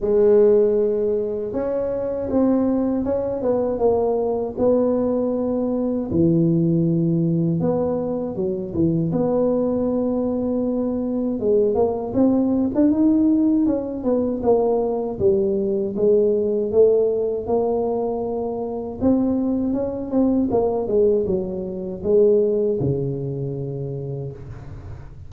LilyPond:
\new Staff \with { instrumentName = "tuba" } { \time 4/4 \tempo 4 = 79 gis2 cis'4 c'4 | cis'8 b8 ais4 b2 | e2 b4 fis8 e8 | b2. gis8 ais8 |
c'8. d'16 dis'4 cis'8 b8 ais4 | g4 gis4 a4 ais4~ | ais4 c'4 cis'8 c'8 ais8 gis8 | fis4 gis4 cis2 | }